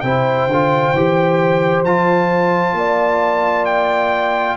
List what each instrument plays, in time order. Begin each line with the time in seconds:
0.00 tuba C3, trombone E4, horn C5, trumpet G5
0.47 tuba D3, trombone F4
0.93 tuba E3, trombone G4
1.83 tuba F3, trombone F4, trumpet A5
2.73 tuba A#3, horn D5
3.65 trumpet G5